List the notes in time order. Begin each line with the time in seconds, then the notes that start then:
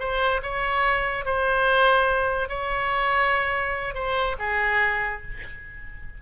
0.00 C5
0.43 C#5
1.26 C5
2.49 C#5
3.95 C5
4.39 G#4